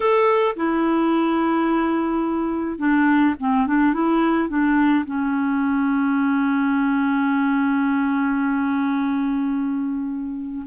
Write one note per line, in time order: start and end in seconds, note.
0.00 0.55 A4
0.56 2.78 E4
2.78 3.34 D4
3.39 3.67 C4
3.67 3.93 D4
3.93 4.48 E4
4.48 5.04 D4
5.05 10.66 C#4